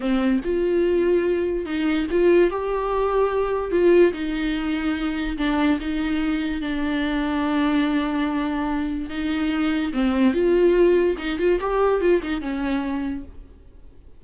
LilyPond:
\new Staff \with { instrumentName = "viola" } { \time 4/4 \tempo 4 = 145 c'4 f'2. | dis'4 f'4 g'2~ | g'4 f'4 dis'2~ | dis'4 d'4 dis'2 |
d'1~ | d'2 dis'2 | c'4 f'2 dis'8 f'8 | g'4 f'8 dis'8 cis'2 | }